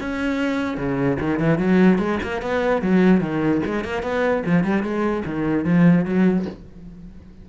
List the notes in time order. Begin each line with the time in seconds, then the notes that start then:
0.00 C#4
0.77 C#3
1.20 D#3
1.39 E3
1.58 F#3
1.99 G#3
2.23 A#3
2.42 B3
2.82 F#3
3.21 D#3
3.65 G#3
3.84 A#3
4.02 B3
4.46 F3
4.64 G3
4.83 G#3
5.26 D#3
5.64 F3
6.05 F#3